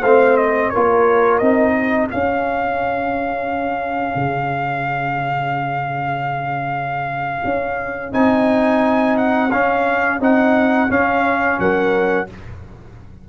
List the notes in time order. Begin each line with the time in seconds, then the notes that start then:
0.00 A3 C4 C5 F5
0.37 D#5
0.70 F4 A#4 C#5
0.76 A#3
1.39 C4 D#4 D#5
1.74 G#4
2.11 C#4 F5
4.16 C#3
7.44 C#4
8.13 C4 D#4 G#5
9.17 F#5
9.51 C#4 F5
10.20 C4 D#4 F#5
10.89 C#4 F5
11.60 F#3 A#4 F#5